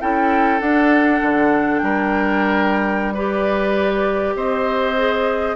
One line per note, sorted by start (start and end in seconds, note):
0.00 0.60 C#4
0.00 0.60 E4
0.00 1.80 A4
0.00 0.60 G5
0.60 1.20 D4
0.60 3.15 D4
0.60 1.78 F#5
1.21 1.81 D3
1.78 4.35 G3
1.78 3.14 A#4
1.78 3.13 G5
3.14 4.96 G4
3.14 4.33 B4
3.14 4.35 D5
4.35 5.55 C4
4.35 5.56 C5
4.35 5.56 D#5
4.96 5.56 G#4